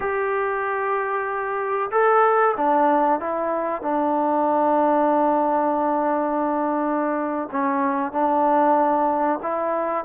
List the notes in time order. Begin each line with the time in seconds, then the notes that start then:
0.00 G4
1.91 A4
2.56 D4
3.19 E4
3.82 D4
7.51 C#4
8.12 D4
9.42 E4